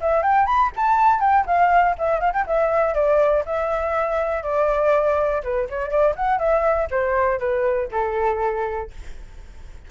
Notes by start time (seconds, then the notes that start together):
0.00 E5
0.22 G5
0.46 B5
0.76 A5
1.20 G5
1.46 F5
1.98 E5
2.20 F5
2.33 G5
2.46 E5
2.94 D5
3.45 E5
4.42 D5
5.43 B4
5.69 C#5
5.90 D5
6.16 F#5
6.38 E5
6.90 C5
7.39 B4
7.91 A4